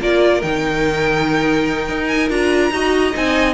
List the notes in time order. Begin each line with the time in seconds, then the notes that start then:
0.00 A#3 F4 A#4 D5
0.42 D#3 D#4 G5
1.88 D#4
2.07 G#5
2.29 D4 F4 A#5
2.71 D#4 F#4 D#5
3.12 C4 D#4 G#5